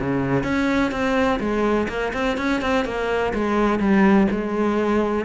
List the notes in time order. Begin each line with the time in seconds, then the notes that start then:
0.00 C#3
0.43 C#4
0.91 C4
1.40 G#3
1.88 A#3
2.13 C4
2.37 C#4
2.61 C4
2.85 A#3
3.33 G#3
3.79 G3
4.31 G#3